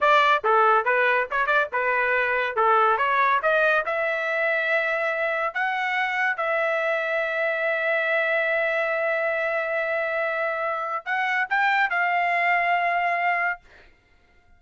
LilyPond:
\new Staff \with { instrumentName = "trumpet" } { \time 4/4 \tempo 4 = 141 d''4 a'4 b'4 cis''8 d''8 | b'2 a'4 cis''4 | dis''4 e''2.~ | e''4 fis''2 e''4~ |
e''1~ | e''1~ | e''2 fis''4 g''4 | f''1 | }